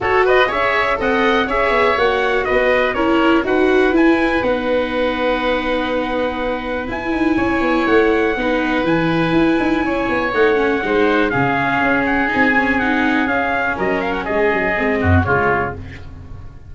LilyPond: <<
  \new Staff \with { instrumentName = "trumpet" } { \time 4/4 \tempo 4 = 122 cis''8 dis''8 e''4 fis''4 e''4 | fis''4 dis''4 cis''4 fis''4 | gis''4 fis''2.~ | fis''2 gis''2 |
fis''2 gis''2~ | gis''4 fis''2 f''4~ | f''8 fis''8 gis''4 fis''4 f''4 | dis''8 f''16 fis''16 dis''2 cis''4 | }
  \new Staff \with { instrumentName = "oboe" } { \time 4/4 a'8 b'8 cis''4 dis''4 cis''4~ | cis''4 b'4 ais'4 b'4~ | b'1~ | b'2. cis''4~ |
cis''4 b'2. | cis''2 c''4 gis'4~ | gis'1 | ais'4 gis'4. fis'8 f'4 | }
  \new Staff \with { instrumentName = "viola" } { \time 4/4 fis'4 gis'4 a'4 gis'4 | fis'2 e'4 fis'4 | e'4 dis'2.~ | dis'2 e'2~ |
e'4 dis'4 e'2~ | e'4 dis'8 cis'8 dis'4 cis'4~ | cis'4 dis'8 cis'8 dis'4 cis'4~ | cis'2 c'4 gis4 | }
  \new Staff \with { instrumentName = "tuba" } { \time 4/4 fis'4 cis'4 c'4 cis'8 b8 | ais4 b4 cis'4 dis'4 | e'4 b2.~ | b2 e'8 dis'8 cis'8 b8 |
a4 b4 e4 e'8 dis'8 | cis'8 b8 a4 gis4 cis4 | cis'4 c'2 cis'4 | fis4 gis8 fis8 gis8 fis,8 cis4 | }
>>